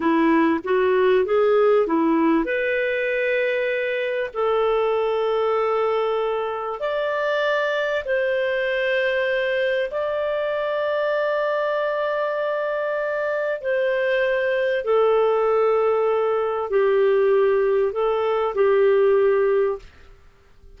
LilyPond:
\new Staff \with { instrumentName = "clarinet" } { \time 4/4 \tempo 4 = 97 e'4 fis'4 gis'4 e'4 | b'2. a'4~ | a'2. d''4~ | d''4 c''2. |
d''1~ | d''2 c''2 | a'2. g'4~ | g'4 a'4 g'2 | }